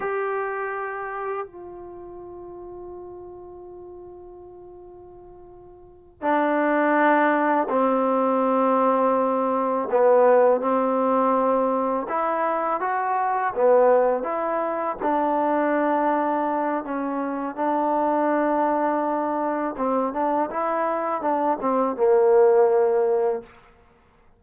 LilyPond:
\new Staff \with { instrumentName = "trombone" } { \time 4/4 \tempo 4 = 82 g'2 f'2~ | f'1~ | f'8 d'2 c'4.~ | c'4. b4 c'4.~ |
c'8 e'4 fis'4 b4 e'8~ | e'8 d'2~ d'8 cis'4 | d'2. c'8 d'8 | e'4 d'8 c'8 ais2 | }